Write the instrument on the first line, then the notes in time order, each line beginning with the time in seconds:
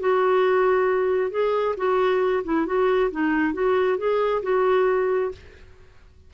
clarinet
0.00 F#4
1.31 G#4
1.77 F#4
2.44 E4
2.66 F#4
3.11 D#4
3.54 F#4
3.98 G#4
4.43 F#4